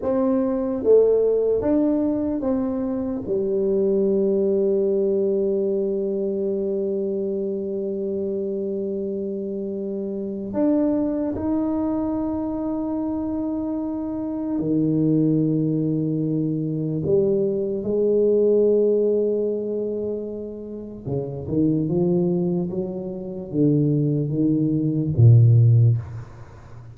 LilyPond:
\new Staff \with { instrumentName = "tuba" } { \time 4/4 \tempo 4 = 74 c'4 a4 d'4 c'4 | g1~ | g1~ | g4 d'4 dis'2~ |
dis'2 dis2~ | dis4 g4 gis2~ | gis2 cis8 dis8 f4 | fis4 d4 dis4 ais,4 | }